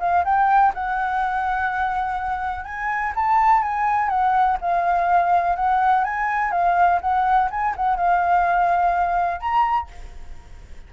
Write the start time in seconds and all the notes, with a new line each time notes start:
0.00 F5
0.25 G5
0.74 F#5
2.65 G#5
3.15 A5
3.62 G#5
4.09 F#5
4.61 F5
5.56 F#5
6.04 G#5
6.51 F5
7.01 F#5
7.51 G#5
7.76 F#5
7.97 F5
9.40 A#5